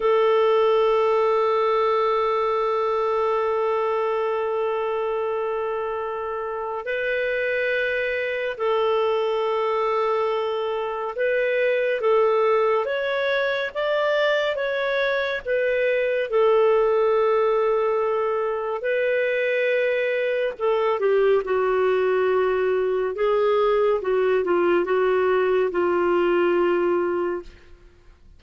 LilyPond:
\new Staff \with { instrumentName = "clarinet" } { \time 4/4 \tempo 4 = 70 a'1~ | a'1 | b'2 a'2~ | a'4 b'4 a'4 cis''4 |
d''4 cis''4 b'4 a'4~ | a'2 b'2 | a'8 g'8 fis'2 gis'4 | fis'8 f'8 fis'4 f'2 | }